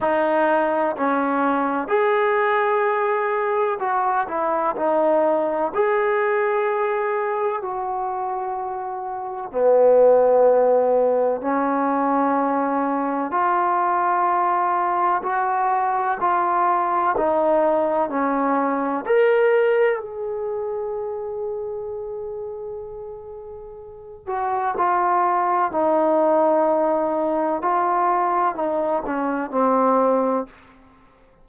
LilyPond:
\new Staff \with { instrumentName = "trombone" } { \time 4/4 \tempo 4 = 63 dis'4 cis'4 gis'2 | fis'8 e'8 dis'4 gis'2 | fis'2 b2 | cis'2 f'2 |
fis'4 f'4 dis'4 cis'4 | ais'4 gis'2.~ | gis'4. fis'8 f'4 dis'4~ | dis'4 f'4 dis'8 cis'8 c'4 | }